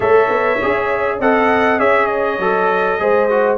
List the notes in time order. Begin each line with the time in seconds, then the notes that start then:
0.00 A3 A4 C#5 E5
0.29 B3
0.61 C#4 G#4
1.19 C4 A4 D#5 F#5
1.79 C#4 G#4 C#5 E5
2.06 D#5
2.38 F#3 A4
2.99 G#3 G#4 C5
3.30 F#4